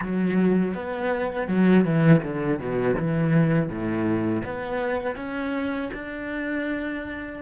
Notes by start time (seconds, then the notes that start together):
0.01 F#3
0.74 B3
1.47 F#3
1.84 E3
2.23 D3
2.59 B2
2.96 E3
3.69 A2
4.44 B3
5.16 C#4
5.93 D4